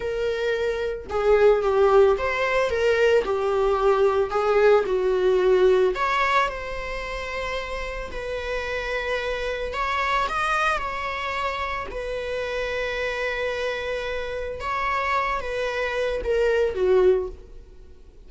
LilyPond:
\new Staff \with { instrumentName = "viola" } { \time 4/4 \tempo 4 = 111 ais'2 gis'4 g'4 | c''4 ais'4 g'2 | gis'4 fis'2 cis''4 | c''2. b'4~ |
b'2 cis''4 dis''4 | cis''2 b'2~ | b'2. cis''4~ | cis''8 b'4. ais'4 fis'4 | }